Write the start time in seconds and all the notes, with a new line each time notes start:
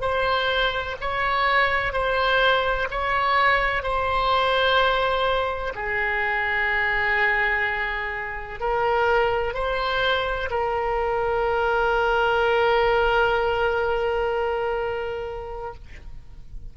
0.00 C5
1.00 C#5
1.93 C5
2.90 C#5
3.82 C5
5.75 G#4
8.59 A#4
9.54 C5
10.50 A#4